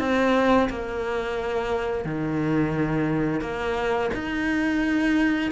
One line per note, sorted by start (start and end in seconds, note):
0.00 0.69 C4
0.70 2.05 A#3
2.05 3.41 D#3
3.41 4.10 A#3
4.14 5.52 D#4